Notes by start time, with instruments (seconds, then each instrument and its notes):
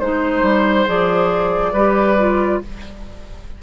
0.00 bassoon G#3, clarinet D#4, flute C5, oboe C5
0.42 bassoon G3
0.86 bassoon F3, clarinet G#4, flute D5
1.73 bassoon G3, clarinet G4, oboe B4
2.18 clarinet F4